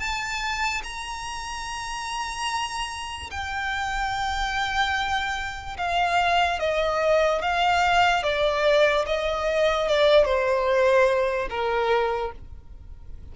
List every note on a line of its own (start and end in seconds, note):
0.00 0.82 A5
0.84 3.31 A#5
3.31 5.78 G5
5.78 6.60 F5
6.60 7.42 D#5
7.42 8.23 F5
8.23 9.06 D5
9.07 9.88 D#5
9.88 10.25 D5
10.25 11.48 C5
11.50 12.33 A#4